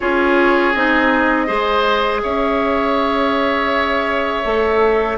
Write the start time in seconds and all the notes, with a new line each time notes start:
0.00 C#4 F4 G#4 C#5
0.73 C4 D#4 D#5
1.46 G#3 G#4 C5
2.23 C#4 C#5 E5
4.44 A3 A4